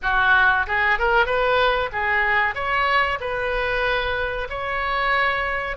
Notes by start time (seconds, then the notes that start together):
0.02 F#4
0.66 G#4
0.98 A#4
1.26 B4
1.92 G#4
2.54 C#5
3.20 B4
4.49 C#5